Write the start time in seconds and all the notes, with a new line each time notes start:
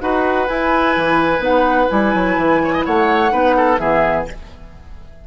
0.00 D#4 F#4 B4 F#5
0.48 E4 G#5
0.96 E3
1.40 B3 D#4 F#5
1.88 G3 E4 G#5
2.15 F#3
2.37 E3
2.64 C#5
2.73 D#5
2.85 A3 C#5 F#5
3.30 B3 D#4 B4
3.57 A4
3.78 E3 B3 G#4 E5